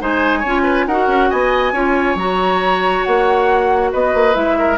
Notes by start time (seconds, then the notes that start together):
0.00 G#3 D#4 C5 G#5
0.40 C#4 C#5
0.47 F4
0.63 B4
0.87 D#4 F#4 A#4 F#5
1.08 C#4
1.30 B3 D#5 G#5
1.72 C#4 F4 C#5
2.15 F#3 F#4 A#5
3.03 A#3 F#5
3.92 B3 B4 D#5
4.14 A#3
4.33 G#3 E4 E5
4.59 A#4